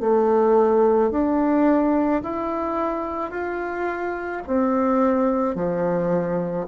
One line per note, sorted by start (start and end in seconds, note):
0.00 1.11 A3
1.11 2.22 D4
2.22 3.30 E4
3.30 4.41 F4
4.47 5.55 C4
5.55 6.66 F3